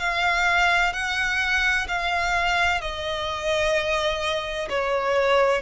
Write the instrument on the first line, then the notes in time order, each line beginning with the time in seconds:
violin
0.00 F5
0.93 F#5
1.88 F5
2.81 D#5
4.70 C#5